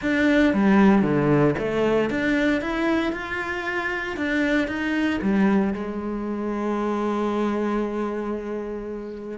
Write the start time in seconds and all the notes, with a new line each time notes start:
0.01 D4
0.53 G3
1.02 D3
1.58 A3
2.10 D4
2.61 E4
3.12 F4
4.16 D4
4.67 D#4
5.21 G3
5.73 G#3